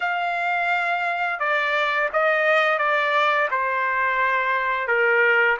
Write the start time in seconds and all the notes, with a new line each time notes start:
0.00 F5
1.39 D5
2.12 D#5
2.78 D5
3.51 C5
4.87 A#4